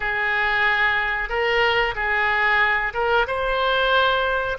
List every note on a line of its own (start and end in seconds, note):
0.00 1.29 G#4
1.29 1.94 A#4
1.95 2.93 G#4
2.93 3.26 A#4
3.27 4.57 C5